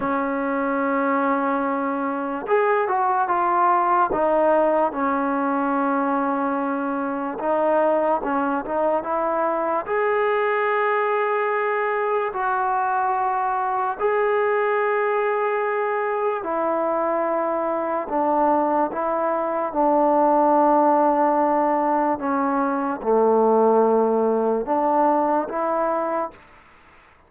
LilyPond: \new Staff \with { instrumentName = "trombone" } { \time 4/4 \tempo 4 = 73 cis'2. gis'8 fis'8 | f'4 dis'4 cis'2~ | cis'4 dis'4 cis'8 dis'8 e'4 | gis'2. fis'4~ |
fis'4 gis'2. | e'2 d'4 e'4 | d'2. cis'4 | a2 d'4 e'4 | }